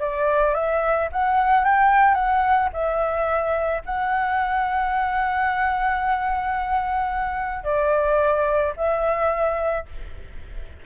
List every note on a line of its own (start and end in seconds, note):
0.00 0.54 D5
0.55 1.09 E5
1.12 1.65 F#5
1.65 2.14 G5
2.14 2.69 F#5
2.73 3.82 E5
3.86 7.64 F#5
7.64 8.73 D5
8.77 9.86 E5